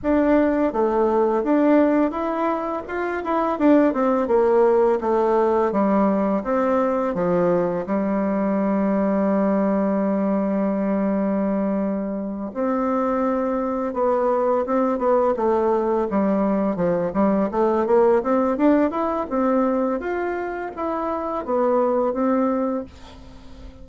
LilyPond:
\new Staff \with { instrumentName = "bassoon" } { \time 4/4 \tempo 4 = 84 d'4 a4 d'4 e'4 | f'8 e'8 d'8 c'8 ais4 a4 | g4 c'4 f4 g4~ | g1~ |
g4. c'2 b8~ | b8 c'8 b8 a4 g4 f8 | g8 a8 ais8 c'8 d'8 e'8 c'4 | f'4 e'4 b4 c'4 | }